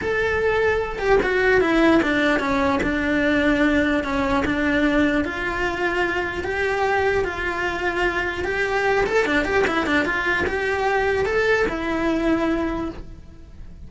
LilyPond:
\new Staff \with { instrumentName = "cello" } { \time 4/4 \tempo 4 = 149 a'2~ a'8 g'8 fis'4 | e'4 d'4 cis'4 d'4~ | d'2 cis'4 d'4~ | d'4 f'2. |
g'2 f'2~ | f'4 g'4. a'8 d'8 g'8 | e'8 d'8 f'4 g'2 | a'4 e'2. | }